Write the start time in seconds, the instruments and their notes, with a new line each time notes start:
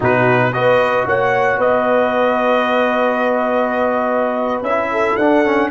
0.00 tuba B2, trombone D#4, horn F#4, trumpet B4
0.52 tuba B3, trombone F#4, horn B4, trumpet D#5
1.06 tuba A#3, horn C#5, trumpet F#5
1.58 tuba B3, horn B4, trumpet D#5
4.61 tuba C#4, trumpet E5
4.68 trombone E4
4.91 horn A4
5.16 tuba D4, trombone D4, trumpet F#5
5.44 trombone C#4